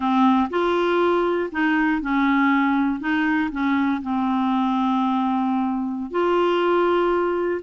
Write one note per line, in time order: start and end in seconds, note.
0.00 0.48 C4
0.50 1.50 F4
1.51 2.01 D#4
2.01 3.00 C#4
3.00 3.50 D#4
3.51 4.01 C#4
4.02 6.10 C4
6.10 7.60 F4